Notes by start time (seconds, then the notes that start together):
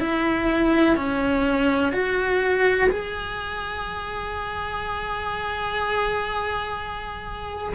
0.00 E4
0.96 C#4
1.93 F#4
2.90 G#4